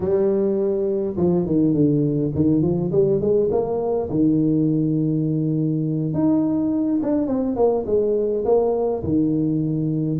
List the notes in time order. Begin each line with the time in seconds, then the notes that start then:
0.00 G3
1.17 F3
1.46 D#3
1.73 D3
2.35 D#3
2.62 F3
2.91 G3
3.20 G#3
3.51 A#3
4.09 D#3
6.13 D#4
7.02 D4
7.27 C4
7.56 A#3
7.86 G#3
8.44 A#3
9.03 D#3